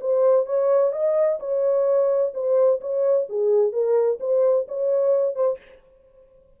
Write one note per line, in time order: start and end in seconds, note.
0.00 0.46 C5
0.46 0.92 C#5
0.92 1.38 D#5
1.39 2.32 C#5
2.34 2.80 C5
2.80 3.27 C#5
3.29 3.72 G#4
3.72 4.18 A#4
4.20 4.66 C5
4.68 5.35 C#5
5.35 5.58 C5